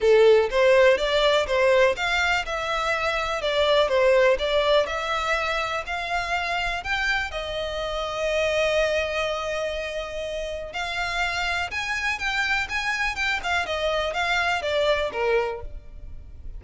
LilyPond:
\new Staff \with { instrumentName = "violin" } { \time 4/4 \tempo 4 = 123 a'4 c''4 d''4 c''4 | f''4 e''2 d''4 | c''4 d''4 e''2 | f''2 g''4 dis''4~ |
dis''1~ | dis''2 f''2 | gis''4 g''4 gis''4 g''8 f''8 | dis''4 f''4 d''4 ais'4 | }